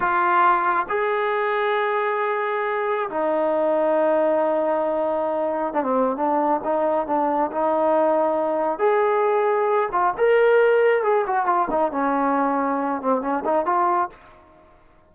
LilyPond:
\new Staff \with { instrumentName = "trombone" } { \time 4/4 \tempo 4 = 136 f'2 gis'2~ | gis'2. dis'4~ | dis'1~ | dis'4 d'16 c'8. d'4 dis'4 |
d'4 dis'2. | gis'2~ gis'8 f'8 ais'4~ | ais'4 gis'8 fis'8 f'8 dis'8 cis'4~ | cis'4. c'8 cis'8 dis'8 f'4 | }